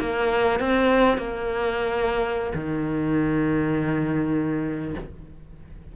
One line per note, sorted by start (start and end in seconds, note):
0.00 0.60 A#3
0.60 1.18 C4
1.18 2.53 A#3
2.55 4.95 D#3